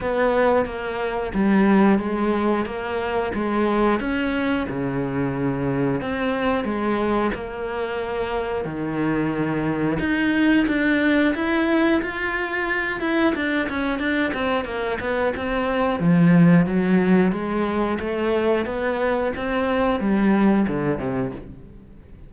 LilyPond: \new Staff \with { instrumentName = "cello" } { \time 4/4 \tempo 4 = 90 b4 ais4 g4 gis4 | ais4 gis4 cis'4 cis4~ | cis4 c'4 gis4 ais4~ | ais4 dis2 dis'4 |
d'4 e'4 f'4. e'8 | d'8 cis'8 d'8 c'8 ais8 b8 c'4 | f4 fis4 gis4 a4 | b4 c'4 g4 d8 c8 | }